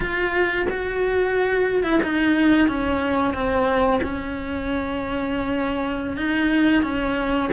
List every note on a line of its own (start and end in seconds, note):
0.00 0.66 F4
0.69 1.83 F#4
1.83 2.00 E4
2.03 2.68 D#4
2.68 3.33 C#4
3.33 4.00 C4
4.02 6.16 C#4
6.16 6.82 D#4
6.82 7.49 C#4